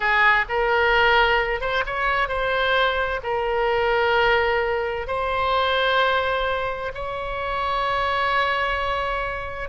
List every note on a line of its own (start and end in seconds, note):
0.00 0.45 G#4
0.48 1.60 A#4
1.60 1.83 C5
1.86 2.28 C#5
2.28 3.20 C5
3.23 5.07 A#4
5.07 6.91 C5
6.94 9.69 C#5